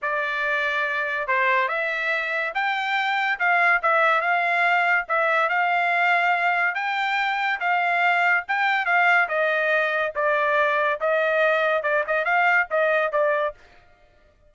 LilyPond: \new Staff \with { instrumentName = "trumpet" } { \time 4/4 \tempo 4 = 142 d''2. c''4 | e''2 g''2 | f''4 e''4 f''2 | e''4 f''2. |
g''2 f''2 | g''4 f''4 dis''2 | d''2 dis''2 | d''8 dis''8 f''4 dis''4 d''4 | }